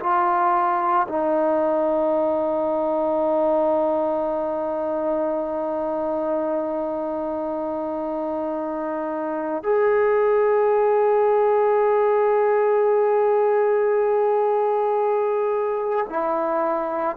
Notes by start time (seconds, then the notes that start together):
0.00 F4
1.08 D#4
9.63 G#4
16.09 E4